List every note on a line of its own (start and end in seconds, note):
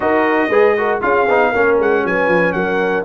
0.00 0.48 D#4
0.00 0.50 F#4
0.00 0.49 A#4
0.00 0.99 D#5
0.48 0.99 G#3
0.48 0.77 G#4
0.48 0.74 B4
0.77 1.01 F#4
0.77 1.03 A#4
1.01 1.28 C#4
1.01 1.26 F4
1.01 1.51 G#4
1.01 1.77 F5
1.28 1.53 B3
1.28 1.53 D#4
1.51 1.78 A#3
1.51 3.05 C#4
1.51 2.02 A#4
1.78 2.04 G#3
1.78 2.06 F#5
2.04 2.27 F#3
2.04 2.55 B4
2.04 2.52 G#5
2.27 2.52 F3
2.52 3.04 F#3
2.52 3.05 A#4
2.52 3.03 F#5